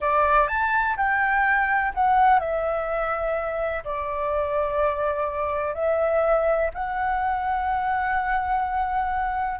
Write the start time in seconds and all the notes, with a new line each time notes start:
0.00 D5
0.47 A5
0.96 G5
1.94 F#5
2.39 E5
3.84 D5
5.74 E5
6.73 F#5